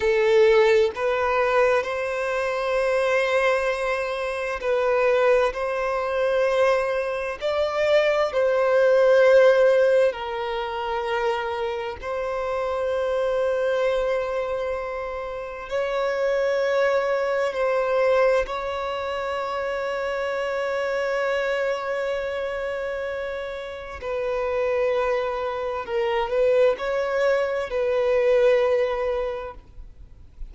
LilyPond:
\new Staff \with { instrumentName = "violin" } { \time 4/4 \tempo 4 = 65 a'4 b'4 c''2~ | c''4 b'4 c''2 | d''4 c''2 ais'4~ | ais'4 c''2.~ |
c''4 cis''2 c''4 | cis''1~ | cis''2 b'2 | ais'8 b'8 cis''4 b'2 | }